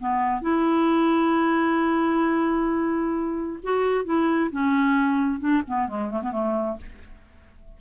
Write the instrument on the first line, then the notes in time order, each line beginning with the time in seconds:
clarinet
0.00 B3
0.42 E4
3.63 F#4
4.05 E4
4.52 C#4
5.40 D4
5.67 B3
5.88 G#3
6.11 A3
6.23 B3
6.32 A3